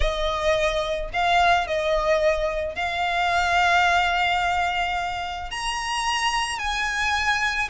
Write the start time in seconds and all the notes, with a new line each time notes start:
0.00 D#5
1.13 F5
1.67 D#5
2.75 F5
5.50 A#5
6.58 G#5